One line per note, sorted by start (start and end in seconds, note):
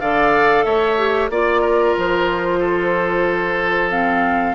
0.00 0.65 D3
0.00 0.97 A4
0.00 0.65 D5
0.00 0.64 F5
0.64 1.29 A3
0.64 1.30 C#5
0.64 1.29 E5
0.97 1.30 G4
1.29 1.94 A#3
1.29 3.90 F4
1.29 1.96 D5
1.29 1.61 D5
1.61 2.59 A#4
1.97 4.55 F3
1.97 3.90 C5
2.60 4.55 A4
3.90 4.55 C4
3.90 4.55 F5